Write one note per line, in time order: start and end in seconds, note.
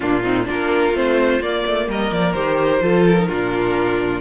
0.00 0.49 A#2
0.00 0.23 A#3
0.00 0.21 D4
0.00 0.46 F4
0.23 0.45 C4
0.23 0.46 D#4
0.45 0.92 A#3
0.45 0.91 D4
0.45 1.87 F4
0.45 0.96 A#4
0.92 1.39 A3
0.92 1.40 C4
0.92 1.42 C5
1.40 1.63 A#3
1.40 2.35 A#3
1.40 1.88 D5
1.66 1.87 A3
1.87 2.10 G3
1.87 2.82 A#4
1.87 2.12 D#5
2.11 2.34 F3
2.11 2.32 D5
2.32 2.81 D#3
2.32 2.80 G4
2.32 3.03 C5
2.80 3.28 F3
2.80 3.15 F4
2.80 3.28 A4
3.06 4.21 A#4
3.18 3.29 D#4
3.28 4.21 A#2
3.28 4.21 D4
3.28 4.21 F4